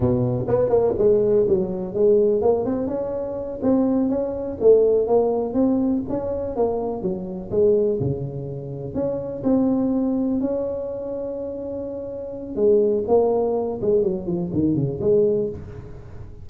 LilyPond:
\new Staff \with { instrumentName = "tuba" } { \time 4/4 \tempo 4 = 124 b,4 b8 ais8 gis4 fis4 | gis4 ais8 c'8 cis'4. c'8~ | c'8 cis'4 a4 ais4 c'8~ | c'8 cis'4 ais4 fis4 gis8~ |
gis8 cis2 cis'4 c'8~ | c'4. cis'2~ cis'8~ | cis'2 gis4 ais4~ | ais8 gis8 fis8 f8 dis8 cis8 gis4 | }